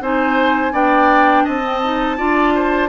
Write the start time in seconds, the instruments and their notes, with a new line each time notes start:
0.00 bassoon C4, clarinet D#4, oboe C5, flute G#5
0.72 bassoon B3, clarinet D4, oboe D5, flute G5
1.44 bassoon C4, oboe D#5, flute A5
1.62 clarinet C4
1.83 clarinet D#4
2.17 bassoon D4, clarinet F4, oboe D5
2.55 oboe C5